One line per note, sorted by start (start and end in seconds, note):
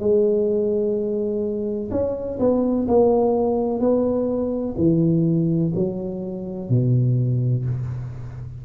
0.00 1.90 G#3
1.91 2.39 C#4
2.39 2.87 B3
2.88 3.80 A#3
3.80 4.75 B3
4.77 5.73 E3
5.75 6.70 F#3
6.70 7.65 B2